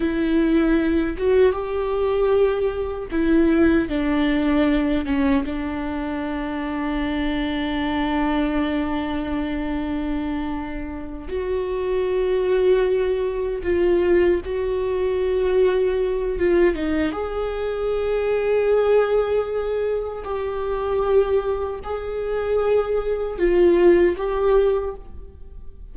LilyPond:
\new Staff \with { instrumentName = "viola" } { \time 4/4 \tempo 4 = 77 e'4. fis'8 g'2 | e'4 d'4. cis'8 d'4~ | d'1~ | d'2~ d'8 fis'4.~ |
fis'4. f'4 fis'4.~ | fis'4 f'8 dis'8 gis'2~ | gis'2 g'2 | gis'2 f'4 g'4 | }